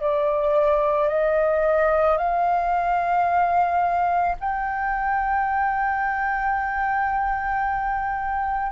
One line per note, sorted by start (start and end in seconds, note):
0.00 1.08 D5
1.08 2.17 D#5
2.17 4.35 F5
4.40 8.72 G5